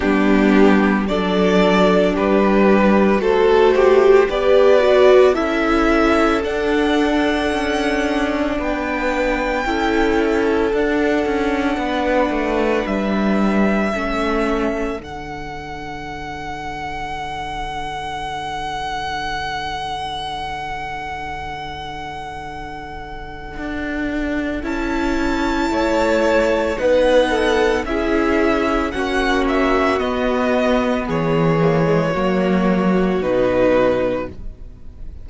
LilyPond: <<
  \new Staff \with { instrumentName = "violin" } { \time 4/4 \tempo 4 = 56 g'4 d''4 b'4 a'8 g'8 | d''4 e''4 fis''2 | g''2 fis''2 | e''2 fis''2~ |
fis''1~ | fis''2. a''4~ | a''4 fis''4 e''4 fis''8 e''8 | dis''4 cis''2 b'4 | }
  \new Staff \with { instrumentName = "violin" } { \time 4/4 d'4 a'4 g'4 c''4 | b'4 a'2. | b'4 a'2 b'4~ | b'4 a'2.~ |
a'1~ | a'1 | cis''4 b'8 a'8 gis'4 fis'4~ | fis'4 gis'4 fis'2 | }
  \new Staff \with { instrumentName = "viola" } { \time 4/4 b4 d'2 fis'4 | g'8 fis'8 e'4 d'2~ | d'4 e'4 d'2~ | d'4 cis'4 d'2~ |
d'1~ | d'2. e'4~ | e'4 dis'4 e'4 cis'4 | b4. ais16 gis16 ais4 dis'4 | }
  \new Staff \with { instrumentName = "cello" } { \time 4/4 g4 fis4 g4 a4 | b4 cis'4 d'4 cis'4 | b4 cis'4 d'8 cis'8 b8 a8 | g4 a4 d2~ |
d1~ | d2 d'4 cis'4 | a4 b4 cis'4 ais4 | b4 e4 fis4 b,4 | }
>>